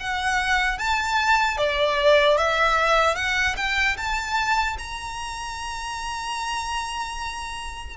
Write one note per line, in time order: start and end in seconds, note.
0.00 0.78 F#5
0.78 1.57 A5
1.57 2.37 D5
2.37 3.16 E5
3.16 3.56 F#5
3.57 3.97 G5
3.97 4.77 A5
4.78 7.97 A#5